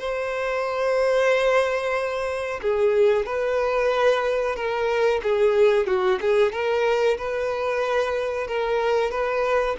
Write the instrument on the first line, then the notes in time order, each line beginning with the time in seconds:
violin
0.00 C5
2.62 G#4
3.26 B4
4.56 A#4
5.24 G#4
5.87 F#4
6.22 G#4
6.52 A#4
7.18 B4
8.48 A#4
9.11 B4